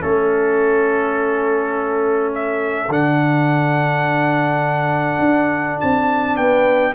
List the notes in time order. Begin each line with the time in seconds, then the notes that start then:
0.00 A3 C#4 A4
2.34 E5
2.88 D3 D4 F#5
5.19 D4
5.80 C4 A5
6.36 B3 B4 G5